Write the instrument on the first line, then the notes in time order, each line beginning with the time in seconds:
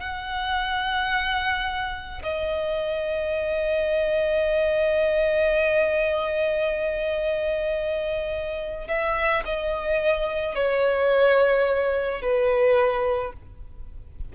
violin
0.00 F#5
2.23 D#5
8.87 E5
9.45 D#5
10.55 C#5
12.22 B4